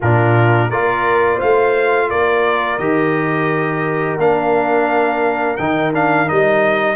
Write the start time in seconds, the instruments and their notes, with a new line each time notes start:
0.00 tuba A#2, trombone D4, horn F4, trumpet A#4
0.68 tuba A#3, trombone F4, horn A#4, trumpet D5
1.35 horn C5, trumpet F5
1.42 tuba A3
2.09 tuba A#3, horn A#4, trumpet D5
2.78 tuba D#3, trombone G4, trumpet D#5
4.18 tuba A#3, trombone D4, trumpet F5
5.57 tuba D#3, trombone D#4, trumpet G5
5.93 trombone D4, trumpet F5
6.26 tuba G3, trombone D#4, trumpet D#5